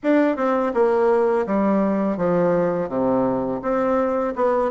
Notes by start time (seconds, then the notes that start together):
0.03 D4
0.36 C4
0.74 A#3
1.46 G3
2.17 F3
2.88 C3
3.61 C4
4.35 B3